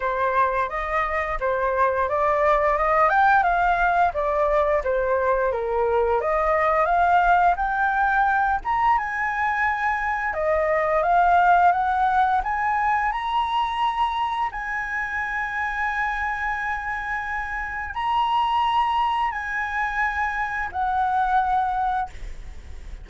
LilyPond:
\new Staff \with { instrumentName = "flute" } { \time 4/4 \tempo 4 = 87 c''4 dis''4 c''4 d''4 | dis''8 g''8 f''4 d''4 c''4 | ais'4 dis''4 f''4 g''4~ | g''8 ais''8 gis''2 dis''4 |
f''4 fis''4 gis''4 ais''4~ | ais''4 gis''2.~ | gis''2 ais''2 | gis''2 fis''2 | }